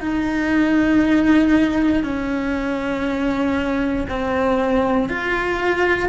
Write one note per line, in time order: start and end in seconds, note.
0.00 2.03 D#4
2.03 4.06 C#4
4.09 5.09 C4
5.09 6.08 F4